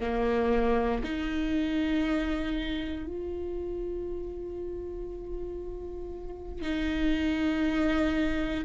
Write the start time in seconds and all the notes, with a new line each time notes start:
0.00 A#3
1.03 D#4
3.06 F4
6.61 D#4